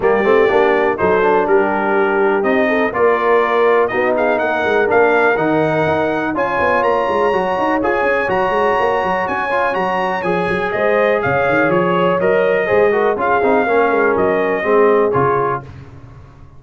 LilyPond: <<
  \new Staff \with { instrumentName = "trumpet" } { \time 4/4 \tempo 4 = 123 d''2 c''4 ais'4~ | ais'4 dis''4 d''2 | dis''8 f''8 fis''4 f''4 fis''4~ | fis''4 gis''4 ais''2 |
gis''4 ais''2 gis''4 | ais''4 gis''4 dis''4 f''4 | cis''4 dis''2 f''4~ | f''4 dis''2 cis''4 | }
  \new Staff \with { instrumentName = "horn" } { \time 4/4 g'2 a'4 g'4~ | g'4. a'8 ais'2 | fis'8 gis'8 ais'2.~ | ais'4 cis''2.~ |
cis''1~ | cis''2 c''4 cis''4~ | cis''2 c''8 ais'8 gis'4 | ais'2 gis'2 | }
  \new Staff \with { instrumentName = "trombone" } { \time 4/4 ais8 c'8 d'4 dis'8 d'4.~ | d'4 dis'4 f'2 | dis'2 d'4 dis'4~ | dis'4 f'2 fis'4 |
gis'4 fis'2~ fis'8 f'8 | fis'4 gis'2.~ | gis'4 ais'4 gis'8 fis'8 f'8 dis'8 | cis'2 c'4 f'4 | }
  \new Staff \with { instrumentName = "tuba" } { \time 4/4 g8 a8 ais4 fis4 g4~ | g4 c'4 ais2 | b4 ais8 gis8 ais4 dis4 | dis'4 cis'8 b8 ais8 gis8 fis8 dis'8 |
f'8 cis'8 fis8 gis8 ais8 fis8 cis'4 | fis4 f8 fis8 gis4 cis8 dis8 | f4 fis4 gis4 cis'8 c'8 | ais8 gis8 fis4 gis4 cis4 | }
>>